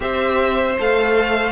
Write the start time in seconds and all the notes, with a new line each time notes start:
0.00 C4 G4 C5 E5
0.79 A3 A4 F5